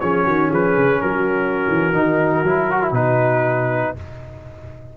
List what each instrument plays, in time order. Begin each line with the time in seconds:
0.00 tuba F3, trombone C#4, horn G#4, trumpet C#5
0.25 tuba D#3, horn F#4
0.50 tuba F3, horn G#4, trumpet B4
0.77 tuba C#3
1.01 tuba F#3, horn F#4, trumpet A#4
1.68 tuba E3
1.93 tuba D#3, trombone D#4
2.44 tuba F#3, trombone E4
2.71 trombone F#4
2.82 trombone E4
2.92 tuba B2, trombone D#4, trumpet B4